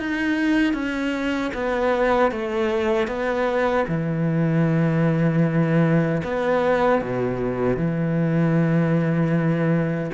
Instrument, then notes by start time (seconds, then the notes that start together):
cello
0.00 D#4
0.74 C#4
1.54 B3
2.32 A3
3.08 B3
3.89 E3
6.24 B3
7.02 B2
7.77 E3